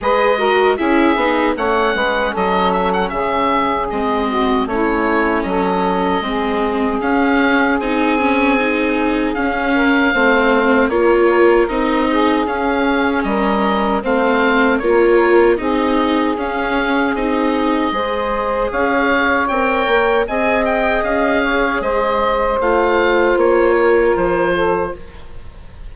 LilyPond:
<<
  \new Staff \with { instrumentName = "oboe" } { \time 4/4 \tempo 4 = 77 dis''4 e''4 fis''4 dis''8 e''16 fis''16 | e''4 dis''4 cis''4 dis''4~ | dis''4 f''4 gis''2 | f''2 cis''4 dis''4 |
f''4 dis''4 f''4 cis''4 | dis''4 f''4 dis''2 | f''4 g''4 gis''8 g''8 f''4 | dis''4 f''4 cis''4 c''4 | }
  \new Staff \with { instrumentName = "saxophone" } { \time 4/4 b'8 ais'8 gis'4 cis''8 b'8 a'4 | gis'4. fis'8 e'4 a'4 | gis'1~ | gis'8 ais'8 c''4 ais'4. gis'8~ |
gis'4 ais'4 c''4 ais'4 | gis'2. c''4 | cis''2 dis''4. cis''8 | c''2~ c''8 ais'4 a'8 | }
  \new Staff \with { instrumentName = "viola" } { \time 4/4 gis'8 fis'8 e'8 dis'8 cis'2~ | cis'4 c'4 cis'2 | c'4 cis'4 dis'8 cis'8 dis'4 | cis'4 c'4 f'4 dis'4 |
cis'2 c'4 f'4 | dis'4 cis'4 dis'4 gis'4~ | gis'4 ais'4 gis'2~ | gis'4 f'2. | }
  \new Staff \with { instrumentName = "bassoon" } { \time 4/4 gis4 cis'8 b8 a8 gis8 fis4 | cis4 gis4 a4 fis4 | gis4 cis'4 c'2 | cis'4 a4 ais4 c'4 |
cis'4 g4 a4 ais4 | c'4 cis'4 c'4 gis4 | cis'4 c'8 ais8 c'4 cis'4 | gis4 a4 ais4 f4 | }
>>